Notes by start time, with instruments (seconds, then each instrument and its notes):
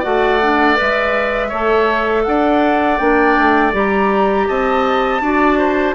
0.00 bassoon A3, clarinet F#4, oboe D5, flute F#5
0.42 clarinet D4
0.77 bassoon G#3, clarinet B4, flute E5
1.49 bassoon A3, clarinet A4, oboe C#5
2.24 bassoon D4, oboe D5, flute F#5
2.98 bassoon A#3, clarinet D4, flute G5
3.39 bassoon A3
3.73 bassoon G3, clarinet G4, flute A#5
4.48 bassoon C4, oboe D#5, flute A5
5.21 bassoon D4, clarinet F#4, oboe D5
5.59 oboe C5